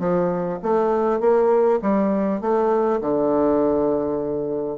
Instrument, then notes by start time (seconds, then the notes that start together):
bassoon
0.00 F3
0.63 A3
1.21 A#3
1.82 G3
2.41 A3
3.02 D3